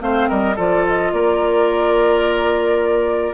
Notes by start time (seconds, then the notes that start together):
0.00 A3 C4 C5 F5
0.29 G3 A#4 D#5
0.56 F3 F4 A4 D5
0.87 D#5
1.13 A#3 A#4 D5